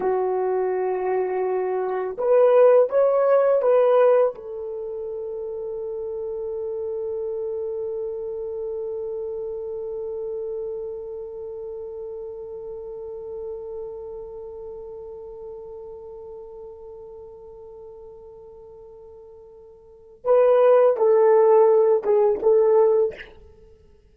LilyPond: \new Staff \with { instrumentName = "horn" } { \time 4/4 \tempo 4 = 83 fis'2. b'4 | cis''4 b'4 a'2~ | a'1~ | a'1~ |
a'1~ | a'1~ | a'1 | b'4 a'4. gis'8 a'4 | }